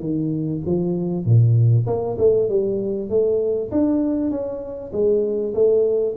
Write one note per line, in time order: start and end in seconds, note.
0.00 0.61 D#3
0.66 1.25 F3
1.25 1.86 A#2
1.87 2.17 A#3
2.19 2.49 A3
2.49 3.10 G3
3.10 3.71 A3
3.72 4.31 D4
4.31 4.92 C#4
4.93 5.54 G#3
5.54 6.16 A3